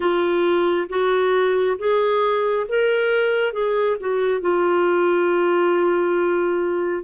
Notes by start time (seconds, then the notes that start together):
0.00 F4
0.89 F#4
1.78 G#4
2.68 A#4
3.53 G#4
3.99 F#4
4.40 F4